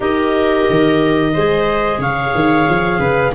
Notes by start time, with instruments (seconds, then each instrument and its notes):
0.00 tuba D#4, clarinet G4 D#5, viola A#4
0.70 tuba D#3
1.33 tuba G#3, clarinet G#4, viola C5
1.98 tuba C#3, viola C#5, clarinet F5
2.34 tuba D#3
2.69 tuba F3
2.98 tuba C#3, viola B4